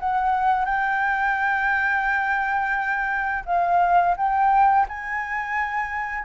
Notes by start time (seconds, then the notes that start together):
0.00 F#5
0.65 G5
3.46 F5
4.17 G5
4.89 G#5